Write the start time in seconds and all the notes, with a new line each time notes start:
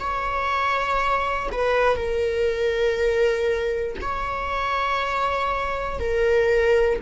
0.00 C#5
1.52 B4
1.96 A#4
4.02 C#5
6.00 A#4